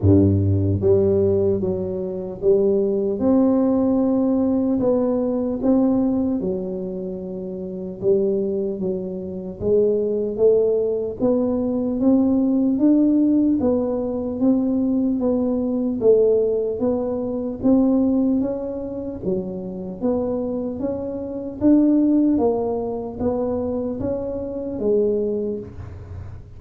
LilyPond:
\new Staff \with { instrumentName = "tuba" } { \time 4/4 \tempo 4 = 75 g,4 g4 fis4 g4 | c'2 b4 c'4 | fis2 g4 fis4 | gis4 a4 b4 c'4 |
d'4 b4 c'4 b4 | a4 b4 c'4 cis'4 | fis4 b4 cis'4 d'4 | ais4 b4 cis'4 gis4 | }